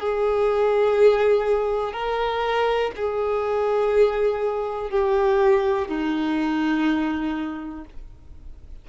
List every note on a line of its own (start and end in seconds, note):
0.00 1.93 G#4
1.93 2.92 A#4
2.96 4.91 G#4
4.91 5.89 G4
5.89 7.86 D#4